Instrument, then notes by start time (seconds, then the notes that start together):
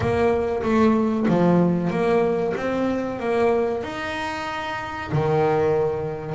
double bass
0.00 A#3
0.62 A3
1.28 F3
1.90 A#3
2.56 C4
3.19 A#3
3.83 D#4
5.12 D#3